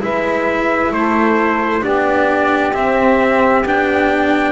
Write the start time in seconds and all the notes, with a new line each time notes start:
0.00 G#3 E4 B4 E5
0.92 A3 A4 C5
1.81 B3 D4 G4 D5
2.74 C4 E5
3.64 B3 D4 G5